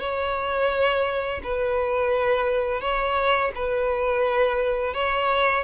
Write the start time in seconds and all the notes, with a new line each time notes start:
0.00 C#5
1.44 B4
2.81 C#5
3.55 B4
4.94 C#5